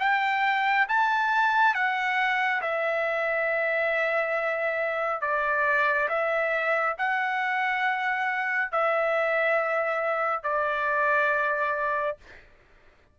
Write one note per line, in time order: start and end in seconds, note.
0.00 0.87 G5
0.89 1.75 A5
1.75 2.62 F#5
2.62 5.22 E5
5.22 6.09 D5
6.09 6.96 E5
6.98 8.72 F#5
8.72 10.43 E5
10.43 12.17 D5